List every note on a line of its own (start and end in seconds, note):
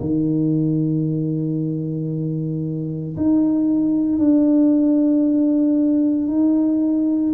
0.00 3.16 D#3
3.16 4.18 D#4
4.18 6.27 D4
6.27 7.33 D#4